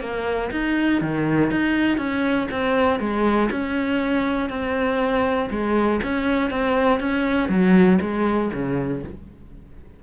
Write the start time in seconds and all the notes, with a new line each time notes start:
0.00 A#3
0.51 D#4
1.01 D#3
1.50 D#4
1.97 C#4
2.51 C4
2.99 G#3
3.50 C#4
4.49 C4
5.50 G#3
6.03 C#4
6.50 C4
7.00 C#4
7.48 F#3
8.01 G#3
8.53 C#3